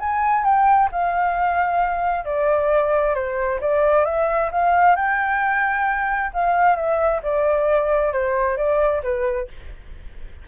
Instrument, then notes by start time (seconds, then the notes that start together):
flute
0.00 G#5
0.44 G5
0.92 F5
2.25 D5
3.15 C5
3.61 D5
4.05 E5
4.52 F5
4.96 G5
6.34 F5
6.76 E5
7.23 D5
8.13 C5
8.57 D5
9.03 B4